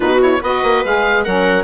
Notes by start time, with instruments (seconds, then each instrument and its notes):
0.00 bassoon B2, saxophone D#4, viola F#4, oboe B4
0.20 saxophone E4, oboe C#5
0.41 bassoon B3, saxophone F#4, viola B4, oboe D#5
0.63 bassoon A#3
0.84 bassoon G#3, saxophone G#4, oboe F5
1.24 bassoon F#3, saxophone C#4, viola A#4, oboe F#5